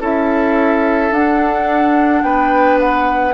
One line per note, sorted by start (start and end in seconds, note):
0.00 1.11 C#4
0.00 1.12 E4
0.00 2.22 A4
0.00 1.13 E5
1.11 2.22 D4
1.11 3.33 D4
1.11 2.23 F#5
2.23 3.33 B3
2.23 3.33 B4
2.23 2.78 G5
2.80 3.33 F#5